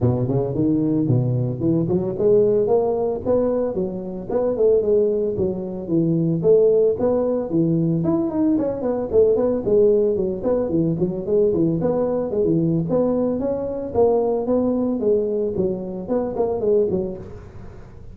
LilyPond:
\new Staff \with { instrumentName = "tuba" } { \time 4/4 \tempo 4 = 112 b,8 cis8 dis4 b,4 e8 fis8 | gis4 ais4 b4 fis4 | b8 a8 gis4 fis4 e4 | a4 b4 e4 e'8 dis'8 |
cis'8 b8 a8 b8 gis4 fis8 b8 | e8 fis8 gis8 e8 b4 gis16 e8. | b4 cis'4 ais4 b4 | gis4 fis4 b8 ais8 gis8 fis8 | }